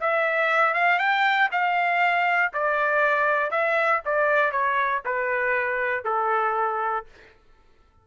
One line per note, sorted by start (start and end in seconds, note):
0.00 0.74 E5
0.74 0.99 F5
0.99 1.49 G5
1.51 2.52 F5
2.53 3.51 D5
3.51 4.01 E5
4.05 4.51 D5
4.51 5.02 C#5
5.05 6.04 B4
6.04 7.05 A4